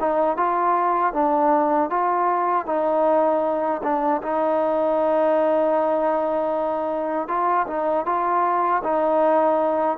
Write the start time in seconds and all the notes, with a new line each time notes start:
0.00 D#4
0.37 F4
1.14 D4
1.90 F4
2.66 D#4
3.84 D4
4.22 D#4
7.28 F4
7.67 D#4
8.06 F4
8.84 D#4